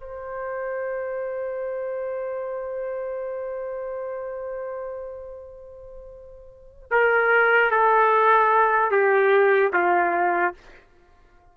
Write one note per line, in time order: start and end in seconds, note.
0.00 6.89 C5
6.91 7.71 A#4
7.71 8.91 A4
8.91 9.72 G4
9.73 10.54 F4